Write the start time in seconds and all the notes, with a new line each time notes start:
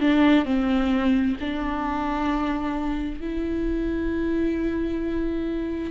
0.00 D4
0.45 C4
1.40 D4
3.21 E4